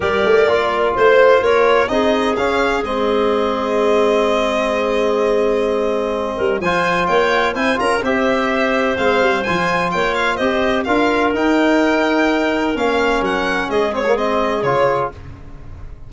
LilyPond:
<<
  \new Staff \with { instrumentName = "violin" } { \time 4/4 \tempo 4 = 127 d''2 c''4 cis''4 | dis''4 f''4 dis''2~ | dis''1~ | dis''2 gis''4 g''4 |
gis''8 ais''8 e''2 f''4 | gis''4 g''8 f''8 dis''4 f''4 | g''2. f''4 | fis''4 dis''8 cis''8 dis''4 cis''4 | }
  \new Staff \with { instrumentName = "clarinet" } { \time 4/4 ais'2 c''4 ais'4 | gis'1~ | gis'1~ | gis'4. ais'8 c''4 cis''4 |
c''8 ais'8 c''2.~ | c''4 cis''4 c''4 ais'4~ | ais'1~ | ais'4 gis'2. | }
  \new Staff \with { instrumentName = "trombone" } { \time 4/4 g'4 f'2. | dis'4 cis'4 c'2~ | c'1~ | c'2 f'2 |
e'8 f'8 g'2 c'4 | f'2 g'4 f'4 | dis'2. cis'4~ | cis'4. c'16 ais16 c'4 f'4 | }
  \new Staff \with { instrumentName = "tuba" } { \time 4/4 g8 a8 ais4 a4 ais4 | c'4 cis'4 gis2~ | gis1~ | gis4. g8 f4 ais4 |
c'8 cis'8 c'2 gis8 g8 | f4 ais4 c'4 d'4 | dis'2. ais4 | fis4 gis2 cis4 | }
>>